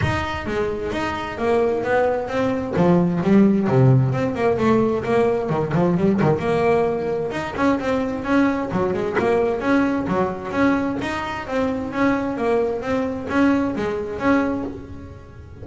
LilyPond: \new Staff \with { instrumentName = "double bass" } { \time 4/4 \tempo 4 = 131 dis'4 gis4 dis'4 ais4 | b4 c'4 f4 g4 | c4 c'8 ais8 a4 ais4 | dis8 f8 g8 dis8 ais2 |
dis'8 cis'8 c'4 cis'4 fis8 gis8 | ais4 cis'4 fis4 cis'4 | dis'4 c'4 cis'4 ais4 | c'4 cis'4 gis4 cis'4 | }